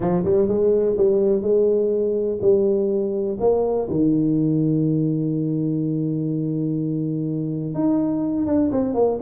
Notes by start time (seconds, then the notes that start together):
0.00 F3
0.24 G3
0.48 G#3
0.97 G3
1.42 G#3
2.41 G3
3.40 A#3
3.90 D#3
7.74 D#4
8.46 D4
8.71 C4
8.94 A#3